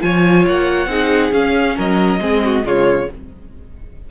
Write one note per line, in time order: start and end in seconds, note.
0.00 0.46 F3
0.00 0.88 F4
0.00 0.89 C#5
0.00 0.45 G#5
0.47 0.87 A#3
0.47 1.33 F#5
0.87 1.30 C4
0.87 1.32 D#4
0.87 1.76 G#4
1.32 2.19 C#4
1.32 1.76 C#4
1.32 1.77 F5
1.76 2.20 F#3
1.76 2.20 A#4
1.76 2.67 D#5
2.20 2.64 G#3
2.20 2.64 C4
2.20 2.43 G#4
2.45 2.66 F#4
2.64 3.08 C#3
2.64 3.08 G#3
2.64 3.09 F4
2.64 3.10 C#5